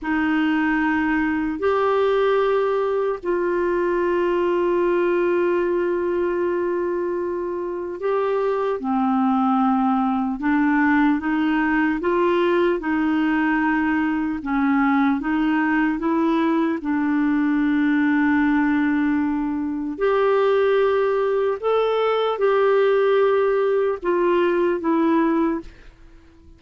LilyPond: \new Staff \with { instrumentName = "clarinet" } { \time 4/4 \tempo 4 = 75 dis'2 g'2 | f'1~ | f'2 g'4 c'4~ | c'4 d'4 dis'4 f'4 |
dis'2 cis'4 dis'4 | e'4 d'2.~ | d'4 g'2 a'4 | g'2 f'4 e'4 | }